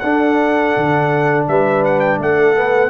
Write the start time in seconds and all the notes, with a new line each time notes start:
0.00 D4 A4 F#5
0.77 D3
1.48 G3 B4 E5
1.85 F#5
2.00 G5
2.19 A3 A4 F#5
2.56 B3